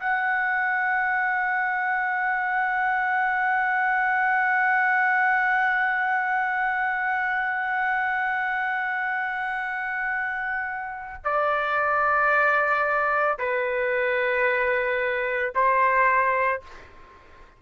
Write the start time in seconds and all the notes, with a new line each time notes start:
0.00 F#5
11.24 D5
13.38 B4
15.55 C5